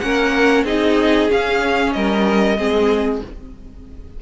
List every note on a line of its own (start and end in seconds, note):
0.00 0.64 A#3
0.00 0.66 C#4
0.00 0.65 A#4
0.00 0.64 F#5
0.64 1.28 C4
0.64 1.29 D#4
0.64 1.93 G#4
0.64 1.31 D#5
1.29 2.56 C#4
1.29 1.95 C#4
1.29 1.93 F5
1.93 2.58 G3
1.93 2.58 A#4
1.93 3.20 D#5
2.58 3.22 G#3
2.58 3.22 C4
2.58 3.22 G#4